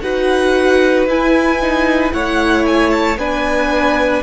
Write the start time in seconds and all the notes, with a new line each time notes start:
0.00 D#4 F#4 B4 F#5
1.06 E4 G#5
1.62 D#4
2.12 A3 E4 C#5 F#5
2.66 G#5
2.91 A5
3.17 B3 D4 B4 G#5